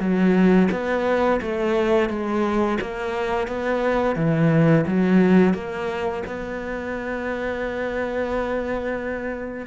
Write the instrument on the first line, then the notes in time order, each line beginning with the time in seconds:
cello
0.00 F#3
0.72 B3
1.42 A3
2.10 G#3
2.82 A#3
3.48 B3
4.16 E3
4.87 F#3
5.55 A#3
6.27 B3